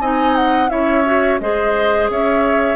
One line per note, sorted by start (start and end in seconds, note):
0.00 0.70 C4
0.00 0.69 D#4
0.00 0.70 D#5
0.00 0.36 G#5
0.36 0.69 F#5
0.69 1.40 C#4
0.69 1.04 E4
0.69 1.40 C#5
0.69 1.39 E5
1.05 1.40 F#4
1.39 2.09 G#3
1.39 2.76 G#4
1.39 2.11 C5
1.39 2.09 D#5
2.09 2.76 C#4
2.09 2.76 C#5
2.09 2.76 E5